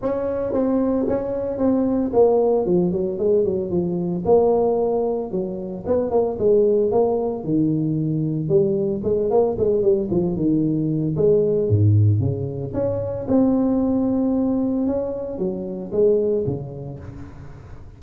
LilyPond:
\new Staff \with { instrumentName = "tuba" } { \time 4/4 \tempo 4 = 113 cis'4 c'4 cis'4 c'4 | ais4 f8 fis8 gis8 fis8 f4 | ais2 fis4 b8 ais8 | gis4 ais4 dis2 |
g4 gis8 ais8 gis8 g8 f8 dis8~ | dis4 gis4 gis,4 cis4 | cis'4 c'2. | cis'4 fis4 gis4 cis4 | }